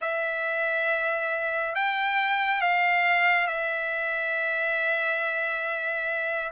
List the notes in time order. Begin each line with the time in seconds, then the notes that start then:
0.01 E5
1.75 G5
2.61 F5
3.47 E5